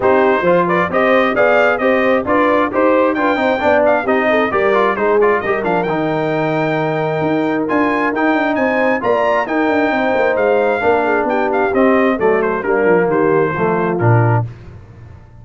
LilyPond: <<
  \new Staff \with { instrumentName = "trumpet" } { \time 4/4 \tempo 4 = 133 c''4. d''8 dis''4 f''4 | dis''4 d''4 c''4 g''4~ | g''8 f''8 dis''4 d''4 c''8 d''8 | dis''8 f''8 g''2.~ |
g''4 gis''4 g''4 gis''4 | ais''4 g''2 f''4~ | f''4 g''8 f''8 dis''4 d''8 c''8 | ais'4 c''2 ais'4 | }
  \new Staff \with { instrumentName = "horn" } { \time 4/4 g'4 c''8 b'8 c''4 d''4 | c''4 b'4 c''4 b'8 c''8 | d''4 g'8 a'8 ais'4 gis'4 | ais'1~ |
ais'2. c''4 | d''4 ais'4 c''2 | ais'8 gis'8 g'2 a'4 | d'4 g'4 f'2 | }
  \new Staff \with { instrumentName = "trombone" } { \time 4/4 dis'4 f'4 g'4 gis'4 | g'4 f'4 g'4 f'8 dis'8 | d'4 dis'4 g'8 f'8 dis'8 f'8 | g'8 d'8 dis'2.~ |
dis'4 f'4 dis'2 | f'4 dis'2. | d'2 c'4 a4 | ais2 a4 d'4 | }
  \new Staff \with { instrumentName = "tuba" } { \time 4/4 c'4 f4 c'4 b4 | c'4 d'4 dis'4 d'8 c'8 | b4 c'4 g4 gis4 | g8 f8 dis2. |
dis'4 d'4 dis'8 d'8 c'4 | ais4 dis'8 d'8 c'8 ais8 gis4 | ais4 b4 c'4 fis4 | g8 f8 dis4 f4 ais,4 | }
>>